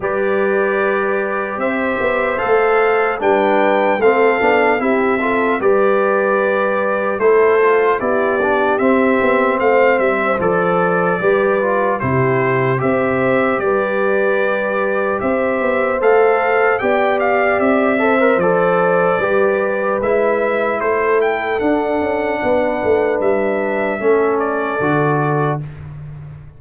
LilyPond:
<<
  \new Staff \with { instrumentName = "trumpet" } { \time 4/4 \tempo 4 = 75 d''2 e''4 f''4 | g''4 f''4 e''4 d''4~ | d''4 c''4 d''4 e''4 | f''8 e''8 d''2 c''4 |
e''4 d''2 e''4 | f''4 g''8 f''8 e''4 d''4~ | d''4 e''4 c''8 g''8 fis''4~ | fis''4 e''4. d''4. | }
  \new Staff \with { instrumentName = "horn" } { \time 4/4 b'2 c''2 | b'4 a'4 g'8 a'8 b'4~ | b'4 a'4 g'2 | c''2 b'4 g'4 |
c''4 b'2 c''4~ | c''4 d''4. c''4. | b'2 a'2 | b'2 a'2 | }
  \new Staff \with { instrumentName = "trombone" } { \time 4/4 g'2. a'4 | d'4 c'8 d'8 e'8 f'8 g'4~ | g'4 e'8 f'8 e'8 d'8 c'4~ | c'4 a'4 g'8 f'8 e'4 |
g'1 | a'4 g'4. a'16 ais'16 a'4 | g'4 e'2 d'4~ | d'2 cis'4 fis'4 | }
  \new Staff \with { instrumentName = "tuba" } { \time 4/4 g2 c'8 b8 a4 | g4 a8 b8 c'4 g4~ | g4 a4 b4 c'8 b8 | a8 g8 f4 g4 c4 |
c'4 g2 c'8 b8 | a4 b4 c'4 f4 | g4 gis4 a4 d'8 cis'8 | b8 a8 g4 a4 d4 | }
>>